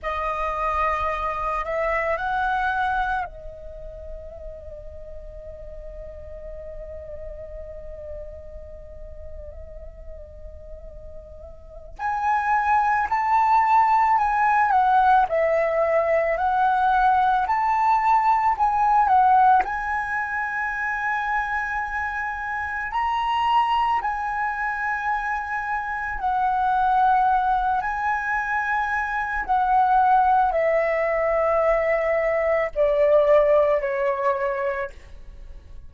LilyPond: \new Staff \with { instrumentName = "flute" } { \time 4/4 \tempo 4 = 55 dis''4. e''8 fis''4 dis''4~ | dis''1~ | dis''2. gis''4 | a''4 gis''8 fis''8 e''4 fis''4 |
a''4 gis''8 fis''8 gis''2~ | gis''4 ais''4 gis''2 | fis''4. gis''4. fis''4 | e''2 d''4 cis''4 | }